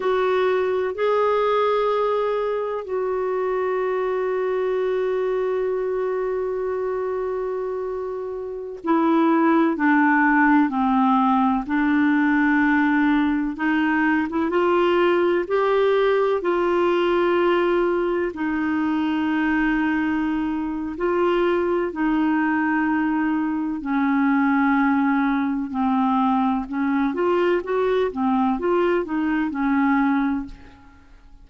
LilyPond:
\new Staff \with { instrumentName = "clarinet" } { \time 4/4 \tempo 4 = 63 fis'4 gis'2 fis'4~ | fis'1~ | fis'4~ fis'16 e'4 d'4 c'8.~ | c'16 d'2 dis'8. e'16 f'8.~ |
f'16 g'4 f'2 dis'8.~ | dis'2 f'4 dis'4~ | dis'4 cis'2 c'4 | cis'8 f'8 fis'8 c'8 f'8 dis'8 cis'4 | }